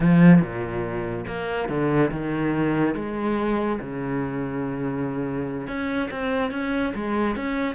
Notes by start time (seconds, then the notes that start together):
0.00 F3
0.41 A#2
1.26 A#3
1.69 D3
2.11 D#3
2.95 G#3
3.80 C#3
5.67 C#4
6.10 C4
6.51 C#4
6.94 G#3
7.35 C#4